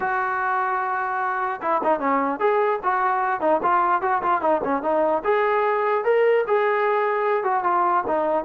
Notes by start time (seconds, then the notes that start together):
0.00 F#4
1.61 E4
1.83 D#4
1.99 C#4
2.39 G#4
2.83 F#4
3.40 D#4
3.62 F4
4.01 F#4
4.22 F4
4.41 D#4
4.63 C#4
4.82 D#4
5.23 G#4
6.04 A#4
6.47 G#4
7.43 F#4
7.63 F4
8.07 D#4